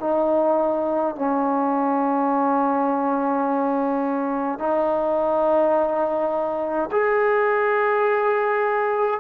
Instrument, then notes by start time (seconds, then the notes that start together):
trombone
0.00 D#4
1.15 C#4
4.59 D#4
6.92 G#4